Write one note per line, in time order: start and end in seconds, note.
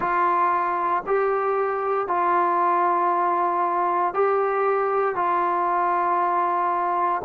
0.00 1.03 F4
1.06 2.07 G4
2.07 4.14 F4
4.14 5.14 G4
5.14 7.21 F4